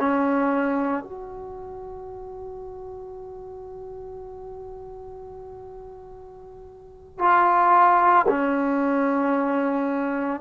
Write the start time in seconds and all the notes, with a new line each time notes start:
0.00 C#4
1.04 F#4
7.19 F4
8.29 C#4